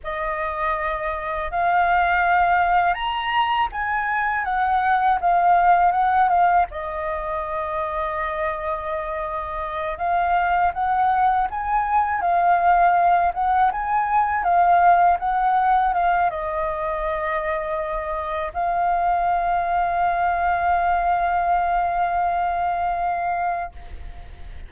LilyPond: \new Staff \with { instrumentName = "flute" } { \time 4/4 \tempo 4 = 81 dis''2 f''2 | ais''4 gis''4 fis''4 f''4 | fis''8 f''8 dis''2.~ | dis''4. f''4 fis''4 gis''8~ |
gis''8 f''4. fis''8 gis''4 f''8~ | f''8 fis''4 f''8 dis''2~ | dis''4 f''2.~ | f''1 | }